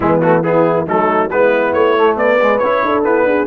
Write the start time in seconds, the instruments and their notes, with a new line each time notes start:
0.00 tuba E3, trombone G#3, horn B3, trumpet E4
0.21 trombone A3, trumpet F#4
0.43 trombone B3, horn E4, trumpet G#4
0.86 tuba F#3, trombone A3, horn D#4, trumpet A4
1.30 tuba G#3, trombone B3, horn E4, trumpet B4
1.73 tuba A3, trumpet C#5
1.97 trombone A3
2.16 tuba B3, horn B4, trumpet D5
2.41 trombone G#3
2.58 tuba C#4, trombone E4, trumpet C#5
2.84 tuba D4, horn A4
3.03 trombone B3, tuba E4, trumpet B4
3.24 tuba D4, horn G#4